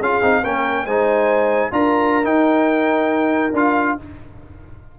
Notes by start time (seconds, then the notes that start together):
0.00 C#4 F4 G#4 F5
0.22 C4 D#4
0.43 A#3 C#4 A#4 G5
0.85 G#3 D#4 C5 G#5
1.71 D4 F4 A#4 A#5
2.23 D#4 G5
3.53 D4 F4 F5